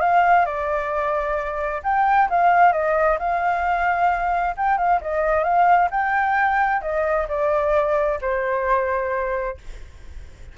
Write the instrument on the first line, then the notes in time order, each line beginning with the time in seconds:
flute
0.00 F5
0.46 D5
1.83 G5
2.30 F5
2.73 D#5
3.19 F5
4.57 G5
4.78 F5
5.01 D#5
5.44 F5
5.91 G5
6.82 D#5
7.29 D5
8.21 C5